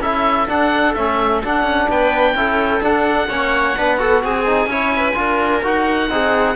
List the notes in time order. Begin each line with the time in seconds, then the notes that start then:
0.00 C#4 E4 A4 E5
0.48 D4 F#5
0.95 A3 C#4 E5
1.44 D4 F#5
1.63 C#4
1.89 B3 B4 G5
2.34 C#4 E4 A4
2.81 D4 F#5
3.28 A#3 C#4 C#5
3.77 B3 D4 B4
3.98 F#4 A4
4.23 C4 G#4 G#5
4.46 D#4
4.66 C#4 E4 C#5
4.96 B4
5.14 D4 F4 A#4
5.63 D#4 F#4 F#5
6.10 C4 D#4 G#4